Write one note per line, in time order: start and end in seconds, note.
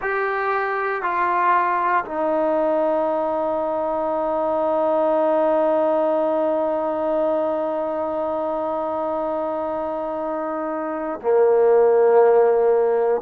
0.01 1.02 G4
1.02 2.04 F4
2.05 11.20 D#4
11.21 13.21 A#3